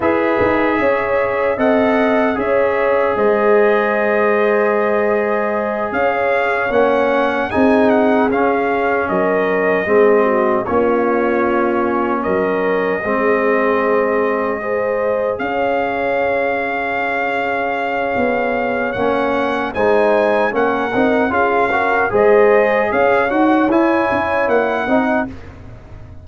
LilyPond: <<
  \new Staff \with { instrumentName = "trumpet" } { \time 4/4 \tempo 4 = 76 e''2 fis''4 e''4 | dis''2.~ dis''8 f''8~ | f''8 fis''4 gis''8 fis''8 f''4 dis''8~ | dis''4. cis''2 dis''8~ |
dis''2.~ dis''8 f''8~ | f''1 | fis''4 gis''4 fis''4 f''4 | dis''4 f''8 fis''8 gis''4 fis''4 | }
  \new Staff \with { instrumentName = "horn" } { \time 4/4 b'4 cis''4 dis''4 cis''4 | c''2.~ c''8 cis''8~ | cis''4. gis'2 ais'8~ | ais'8 gis'8 fis'8 f'2 ais'8~ |
ais'8 gis'2 c''4 cis''8~ | cis''1~ | cis''4 c''4 ais'4 gis'8 ais'8 | c''4 cis''2~ cis''8 dis''8 | }
  \new Staff \with { instrumentName = "trombone" } { \time 4/4 gis'2 a'4 gis'4~ | gis'1~ | gis'8 cis'4 dis'4 cis'4.~ | cis'8 c'4 cis'2~ cis'8~ |
cis'8 c'2 gis'4.~ | gis'1 | cis'4 dis'4 cis'8 dis'8 f'8 fis'8 | gis'4. fis'8 e'4. dis'8 | }
  \new Staff \with { instrumentName = "tuba" } { \time 4/4 e'8 dis'8 cis'4 c'4 cis'4 | gis2.~ gis8 cis'8~ | cis'8 ais4 c'4 cis'4 fis8~ | fis8 gis4 ais2 fis8~ |
fis8 gis2. cis'8~ | cis'2. b4 | ais4 gis4 ais8 c'8 cis'4 | gis4 cis'8 dis'8 e'8 cis'8 ais8 c'8 | }
>>